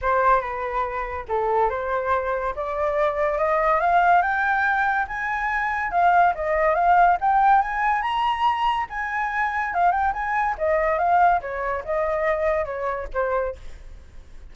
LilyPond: \new Staff \with { instrumentName = "flute" } { \time 4/4 \tempo 4 = 142 c''4 b'2 a'4 | c''2 d''2 | dis''4 f''4 g''2 | gis''2 f''4 dis''4 |
f''4 g''4 gis''4 ais''4~ | ais''4 gis''2 f''8 g''8 | gis''4 dis''4 f''4 cis''4 | dis''2 cis''4 c''4 | }